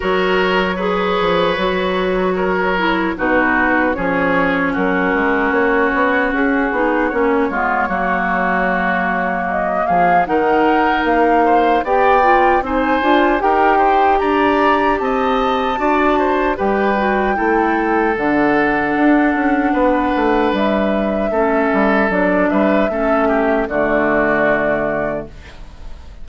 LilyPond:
<<
  \new Staff \with { instrumentName = "flute" } { \time 4/4 \tempo 4 = 76 cis''1 | b'4 cis''4 ais'4 cis''4 | gis'4 cis''2. | dis''8 f''8 fis''4 f''4 g''4 |
gis''4 g''4 ais''4 a''4~ | a''4 g''2 fis''4~ | fis''2 e''2 | d''8 e''4. d''2 | }
  \new Staff \with { instrumentName = "oboe" } { \time 4/4 ais'4 b'2 ais'4 | fis'4 gis'4 fis'2~ | fis'4. f'8 fis'2~ | fis'8 gis'8 ais'4. c''8 d''4 |
c''4 ais'8 c''8 d''4 dis''4 | d''8 c''8 b'4 a'2~ | a'4 b'2 a'4~ | a'8 b'8 a'8 g'8 fis'2 | }
  \new Staff \with { instrumentName = "clarinet" } { \time 4/4 fis'4 gis'4 fis'4. e'8 | dis'4 cis'2.~ | cis'8 dis'8 cis'8 b8 ais2~ | ais4 dis'2 g'8 f'8 |
dis'8 f'8 g'2. | fis'4 g'8 fis'8 e'4 d'4~ | d'2. cis'4 | d'4 cis'4 a2 | }
  \new Staff \with { instrumentName = "bassoon" } { \time 4/4 fis4. f8 fis2 | b,4 f4 fis8 gis8 ais8 b8 | cis'8 b8 ais8 gis8 fis2~ | fis8 f8 dis4 ais4 b4 |
c'8 d'8 dis'4 d'4 c'4 | d'4 g4 a4 d4 | d'8 cis'8 b8 a8 g4 a8 g8 | fis8 g8 a4 d2 | }
>>